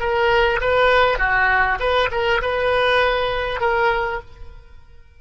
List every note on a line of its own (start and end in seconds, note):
0.00 0.60 A#4
0.61 1.19 B4
1.19 1.79 F#4
1.79 2.09 B4
2.11 2.41 A#4
2.42 3.61 B4
3.61 4.21 A#4